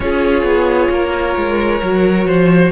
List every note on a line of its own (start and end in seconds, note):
0.00 0.43 C#4
0.00 1.83 F4
0.00 0.93 G#4
0.00 2.71 C#5
0.43 0.88 B3
0.90 1.35 A#3
0.90 2.27 A#4
1.35 1.81 G#3
1.81 2.24 F#3
1.81 2.71 F#4
2.24 2.70 F3
2.24 2.71 C5